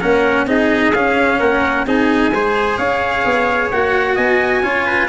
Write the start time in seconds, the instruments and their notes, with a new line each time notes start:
0.00 tuba A#3, cello C#4, trumpet A#4 F#5
0.46 tuba C4, cello D#4, trumpet G#4 D#5
0.94 tuba C#4, cello C#4, trumpet F5
1.39 tuba A#3, trumpet A#4 F#5
1.85 tuba C4, cello D#4, trumpet G#4 G#5
2.31 tuba G#3, cello G#4, trumpet C5
2.78 tuba C#4, trumpet C#5 F5
3.25 tuba B3
3.71 tuba A#3, cello F#4, trumpet F#5
4.15 tuba B3, trumpet D#5 G#5
4.63 tuba C#4, cello F4, trumpet C#5
4.86 trumpet B4